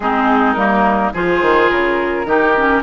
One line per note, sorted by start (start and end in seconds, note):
0.00 0.55 G#3
0.00 0.56 C4
0.00 1.13 D#4
0.00 0.53 G#4
0.53 1.12 G3
0.53 1.13 A#3
0.53 1.09 A#4
1.13 1.41 F3
1.13 2.27 F4
1.13 2.26 G#4
1.13 1.70 C5
1.41 1.70 D#3
1.70 2.25 C#3
1.70 2.82 A#4
2.25 2.81 D#3
2.25 2.55 D#4
2.25 2.82 G4
2.56 2.82 C#4